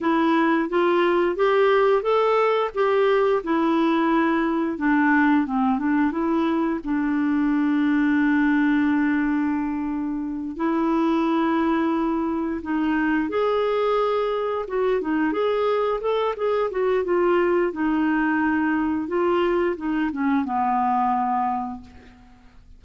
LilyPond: \new Staff \with { instrumentName = "clarinet" } { \time 4/4 \tempo 4 = 88 e'4 f'4 g'4 a'4 | g'4 e'2 d'4 | c'8 d'8 e'4 d'2~ | d'2.~ d'8 e'8~ |
e'2~ e'8 dis'4 gis'8~ | gis'4. fis'8 dis'8 gis'4 a'8 | gis'8 fis'8 f'4 dis'2 | f'4 dis'8 cis'8 b2 | }